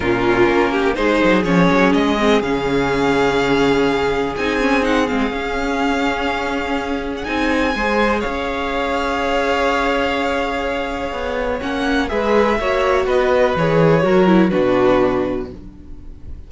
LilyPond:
<<
  \new Staff \with { instrumentName = "violin" } { \time 4/4 \tempo 4 = 124 ais'2 c''4 cis''4 | dis''4 f''2.~ | f''4 gis''4 fis''8 f''4.~ | f''2~ f''8. fis''16 gis''4~ |
gis''4 f''2.~ | f''1 | fis''4 e''2 dis''4 | cis''2 b'2 | }
  \new Staff \with { instrumentName = "violin" } { \time 4/4 f'4. g'8 gis'2~ | gis'1~ | gis'1~ | gis'1 |
c''4 cis''2.~ | cis''1~ | cis''4 b'4 cis''4 b'4~ | b'4 ais'4 fis'2 | }
  \new Staff \with { instrumentName = "viola" } { \time 4/4 cis'2 dis'4 cis'4~ | cis'8 c'8 cis'2.~ | cis'4 dis'8 cis'8 dis'8 c'8 cis'4~ | cis'2. dis'4 |
gis'1~ | gis'1 | cis'4 gis'4 fis'2 | gis'4 fis'8 e'8 d'2 | }
  \new Staff \with { instrumentName = "cello" } { \time 4/4 ais,4 ais4 gis8 fis8 f8 fis8 | gis4 cis2.~ | cis4 c'4. gis8 cis'4~ | cis'2. c'4 |
gis4 cis'2.~ | cis'2. b4 | ais4 gis4 ais4 b4 | e4 fis4 b,2 | }
>>